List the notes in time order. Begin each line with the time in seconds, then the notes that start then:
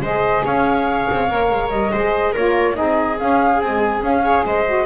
0.00 G#3 G#4 C5 D#5
0.45 C#4 C#5 F5
1.11 C4
1.29 A#3 A#4
1.51 G#3
1.70 G3 D#5
1.92 G#3 G#4 C5
2.32 A#3 F4 A#4 C#5
2.74 C4 D#4 G#4 D#5
3.19 C#4 F5
3.60 G#3 C4 G#5
4.01 C#4 F5
4.23 G#4 C#5
4.45 G#3 C5 D#5
4.67 F#4